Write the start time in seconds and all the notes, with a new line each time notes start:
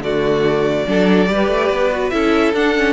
0.00 D3 A3 F#4 D5
0.87 F#3 D4 A4
1.27 G3 G4 B4
1.48 A3
1.70 B3
1.92 F#4
2.10 C#4 E4 A4 E5
2.54 D4 F#5
2.77 C#4